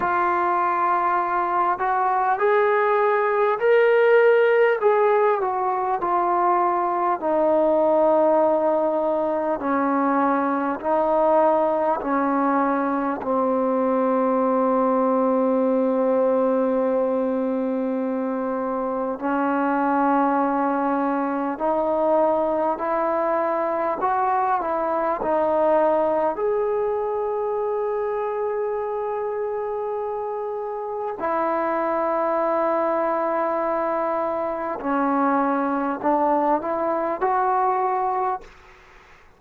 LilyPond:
\new Staff \with { instrumentName = "trombone" } { \time 4/4 \tempo 4 = 50 f'4. fis'8 gis'4 ais'4 | gis'8 fis'8 f'4 dis'2 | cis'4 dis'4 cis'4 c'4~ | c'1 |
cis'2 dis'4 e'4 | fis'8 e'8 dis'4 gis'2~ | gis'2 e'2~ | e'4 cis'4 d'8 e'8 fis'4 | }